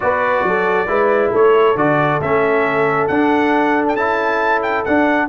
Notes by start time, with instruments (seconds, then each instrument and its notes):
0.00 tuba B3, trombone F#4, horn B4, trumpet D5
0.43 tuba F#3, horn A4
0.87 tuba G#3, trombone E4, horn B4
1.31 tuba A3, horn A4, trumpet C#5
1.75 tuba D3, trombone F#4, trumpet D5
2.19 tuba A3, trombone C#4, trumpet E5
3.07 tuba D4, trombone D4, trumpet F#5
3.88 trumpet G5
3.95 tuba C#4, trombone E4, trumpet A5
4.62 trumpet G5
4.84 tuba D4, trombone D4, trumpet F#5